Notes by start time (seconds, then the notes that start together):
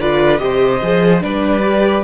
0.00 D3 F4 B4 D5
0.38 C3 G4 C5 D#5
0.82 F3 G#4
1.21 G3 D4 B4 D5
1.61 G4